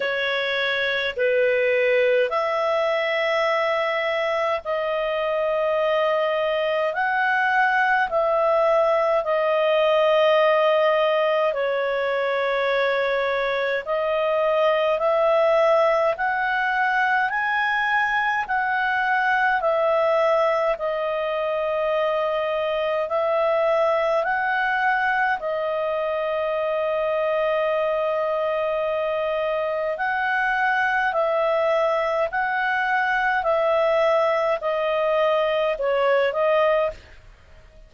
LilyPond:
\new Staff \with { instrumentName = "clarinet" } { \time 4/4 \tempo 4 = 52 cis''4 b'4 e''2 | dis''2 fis''4 e''4 | dis''2 cis''2 | dis''4 e''4 fis''4 gis''4 |
fis''4 e''4 dis''2 | e''4 fis''4 dis''2~ | dis''2 fis''4 e''4 | fis''4 e''4 dis''4 cis''8 dis''8 | }